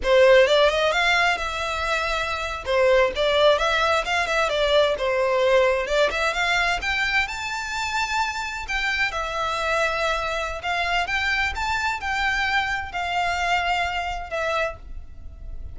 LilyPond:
\new Staff \with { instrumentName = "violin" } { \time 4/4 \tempo 4 = 130 c''4 d''8 dis''8 f''4 e''4~ | e''4.~ e''16 c''4 d''4 e''16~ | e''8. f''8 e''8 d''4 c''4~ c''16~ | c''8. d''8 e''8 f''4 g''4 a''16~ |
a''2~ a''8. g''4 e''16~ | e''2. f''4 | g''4 a''4 g''2 | f''2. e''4 | }